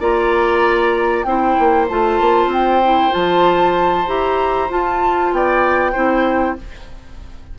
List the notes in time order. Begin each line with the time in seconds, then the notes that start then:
0.00 A#3 F4 D5 A#5
1.24 C4 E4 C5 G5
1.59 A#3
1.89 A3 F4 A5
2.21 A#3
2.47 C4 G5
2.84 E4
3.11 F3 F4 A5
4.07 E4 G4 A#5
4.70 F4 A5
5.32 B3 D5 G5
5.92 C4 E4 C5